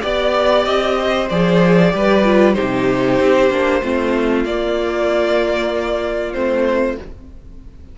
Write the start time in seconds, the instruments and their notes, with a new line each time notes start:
0.00 cello B3, viola G4, violin D5
0.65 cello C4, violin D#5
0.98 violin C5
1.29 cello F3, viola G#4, violin D5
1.91 cello G3, viola G4, violin B4
2.24 viola F4
2.53 viola D#4, violin G4 C5
2.60 cello C3
3.19 cello C4
3.50 cello A#3, viola D4
3.82 cello A3, viola C4, violin F4
4.45 cello A#3, viola A#3, violin D5
6.33 cello A3, viola C4, violin C5